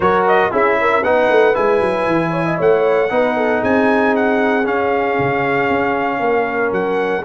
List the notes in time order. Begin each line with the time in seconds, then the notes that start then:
0.00 F#3 F#4 A#4 C#5
0.27 D#5
0.51 C#4 E4 G#4 E5
0.80 A#4
1.02 B3 D#4 B4 F#5
1.29 A3
1.54 G#3 E4 G#5
1.80 F#3
2.06 E3
2.30 C#5
2.45 D#5
2.58 A3 C#5 F#5
3.09 B3 D#4 B4
3.36 A4
3.60 C4 G#4 G#5
4.15 F#5
4.63 C#4 F5
5.18 C#3
5.69 C#4
6.19 A#3 A#4
6.71 F#3 F#5